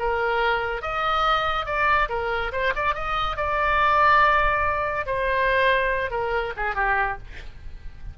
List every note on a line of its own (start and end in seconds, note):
0.00 0.82 A#4
0.82 1.66 D#5
1.66 2.09 D5
2.09 2.52 A#4
2.53 2.74 C5
2.76 2.95 D5
2.95 3.37 D#5
3.37 5.07 D5
5.07 6.11 C5
6.11 6.54 A#4
6.57 6.76 G#4
6.76 7.18 G4